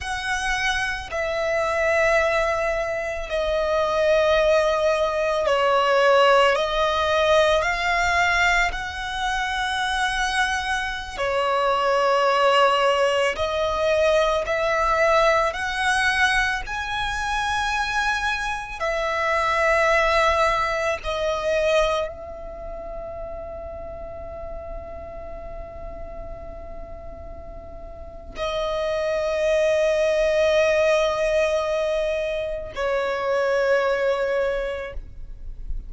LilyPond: \new Staff \with { instrumentName = "violin" } { \time 4/4 \tempo 4 = 55 fis''4 e''2 dis''4~ | dis''4 cis''4 dis''4 f''4 | fis''2~ fis''16 cis''4.~ cis''16~ | cis''16 dis''4 e''4 fis''4 gis''8.~ |
gis''4~ gis''16 e''2 dis''8.~ | dis''16 e''2.~ e''8.~ | e''2 dis''2~ | dis''2 cis''2 | }